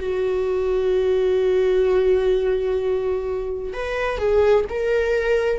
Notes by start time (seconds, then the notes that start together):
0.00 F#4
3.73 B4
4.18 G#4
4.69 A#4